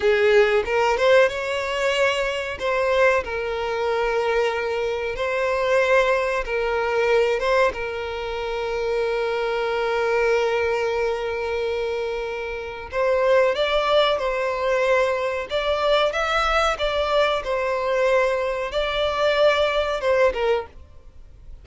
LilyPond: \new Staff \with { instrumentName = "violin" } { \time 4/4 \tempo 4 = 93 gis'4 ais'8 c''8 cis''2 | c''4 ais'2. | c''2 ais'4. c''8 | ais'1~ |
ais'1 | c''4 d''4 c''2 | d''4 e''4 d''4 c''4~ | c''4 d''2 c''8 ais'8 | }